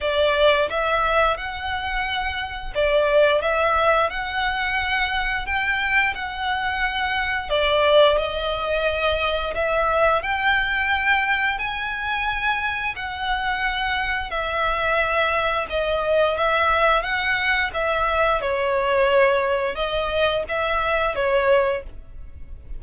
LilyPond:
\new Staff \with { instrumentName = "violin" } { \time 4/4 \tempo 4 = 88 d''4 e''4 fis''2 | d''4 e''4 fis''2 | g''4 fis''2 d''4 | dis''2 e''4 g''4~ |
g''4 gis''2 fis''4~ | fis''4 e''2 dis''4 | e''4 fis''4 e''4 cis''4~ | cis''4 dis''4 e''4 cis''4 | }